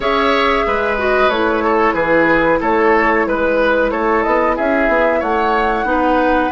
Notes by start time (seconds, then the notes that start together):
0.00 C#4 G#4 C#5 E5
0.67 G#3 B4
0.98 F#4 D#5
1.28 A3 E4 C#5
1.64 A4
1.93 E3 G#4 B4
2.60 A3 A4 C#5
3.26 G#3 B4
3.90 A3 A4 C#5
4.23 B3 D#5
4.56 C#4 G#4 E5
4.88 B3
5.19 A3 C#5 F#5
5.84 B3 D#4
5.90 B4